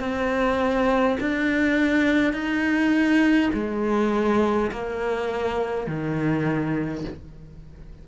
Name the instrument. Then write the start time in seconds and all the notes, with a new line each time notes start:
cello
0.00 C4
1.21 D4
2.33 D#4
3.53 G#3
4.72 A#3
5.87 D#3